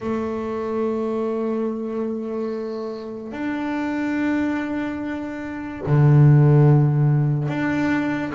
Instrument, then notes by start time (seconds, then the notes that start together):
double bass
0.00 A3
3.31 D4
5.86 D3
7.48 D4